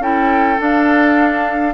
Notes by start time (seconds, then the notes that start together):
0.00 C#4 E4 A4 G5
0.58 D4 F5